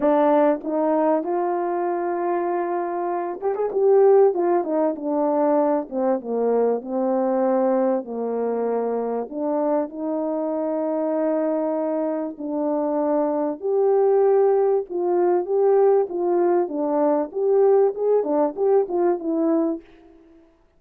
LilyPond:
\new Staff \with { instrumentName = "horn" } { \time 4/4 \tempo 4 = 97 d'4 dis'4 f'2~ | f'4. g'16 gis'16 g'4 f'8 dis'8 | d'4. c'8 ais4 c'4~ | c'4 ais2 d'4 |
dis'1 | d'2 g'2 | f'4 g'4 f'4 d'4 | g'4 gis'8 d'8 g'8 f'8 e'4 | }